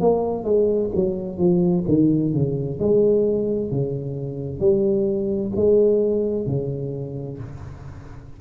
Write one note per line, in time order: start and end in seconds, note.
0.00 0.44 A#3
0.44 0.90 G#3
0.95 1.38 F#3
1.38 1.85 F3
1.88 2.33 D#3
2.33 2.79 C#3
2.79 3.71 G#3
3.71 4.60 C#3
4.60 5.52 G3
5.56 6.46 G#3
6.46 7.38 C#3